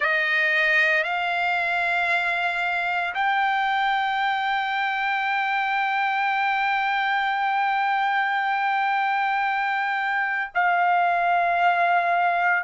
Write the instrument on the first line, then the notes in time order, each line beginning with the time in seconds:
trumpet
0.00 D#5
1.03 F5
3.14 G5
10.54 F5